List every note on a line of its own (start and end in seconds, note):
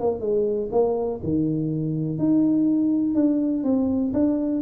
0.00 0.20 A#3
0.20 0.69 G#3
0.72 1.20 A#3
1.23 2.18 D#3
2.18 3.15 D#4
3.15 3.63 D4
3.64 4.12 C4
4.13 4.62 D4